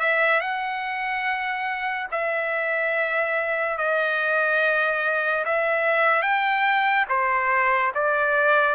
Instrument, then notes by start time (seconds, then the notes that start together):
trumpet
0.00 E5
0.41 F#5
2.11 E5
3.78 D#5
5.45 E5
6.22 G5
7.09 C5
7.95 D5